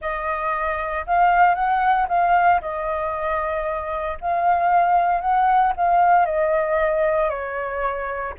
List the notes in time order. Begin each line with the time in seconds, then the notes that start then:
0.01 D#5
1.06 F5
1.54 F#5
2.08 F5
2.61 D#5
4.20 F5
5.20 F#5
5.76 F5
6.25 D#5
7.29 C#5